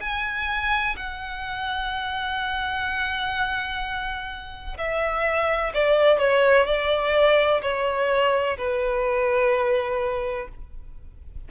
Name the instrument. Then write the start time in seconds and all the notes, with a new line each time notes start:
violin
0.00 G#5
0.96 F#5
4.77 E5
5.74 D5
6.19 C#5
6.66 D5
7.61 C#5
8.57 B4